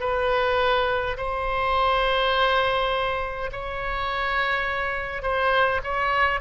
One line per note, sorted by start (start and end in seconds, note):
0.00 1.17 B4
1.17 3.50 C5
3.52 5.22 C#5
5.22 5.81 C5
5.83 6.41 C#5